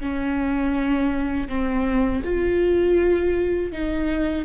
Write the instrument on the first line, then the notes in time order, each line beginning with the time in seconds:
viola
0.00 C#4
1.48 C4
2.25 F4
3.72 D#4